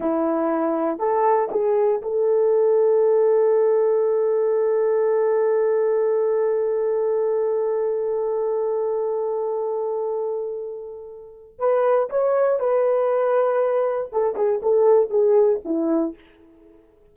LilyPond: \new Staff \with { instrumentName = "horn" } { \time 4/4 \tempo 4 = 119 e'2 a'4 gis'4 | a'1~ | a'1~ | a'1~ |
a'1~ | a'2. b'4 | cis''4 b'2. | a'8 gis'8 a'4 gis'4 e'4 | }